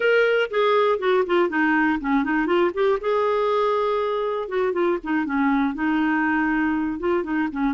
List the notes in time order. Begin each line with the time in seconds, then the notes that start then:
0.00 A#4
0.50 G#4
0.98 F#4
1.26 F4
1.49 D#4
2.00 C#4
2.23 D#4
2.46 F4
2.74 G4
3.00 G#4
4.48 F#4
4.72 F4
5.03 D#4
5.25 C#4
5.74 D#4
6.99 F4
7.23 D#4
7.52 C#4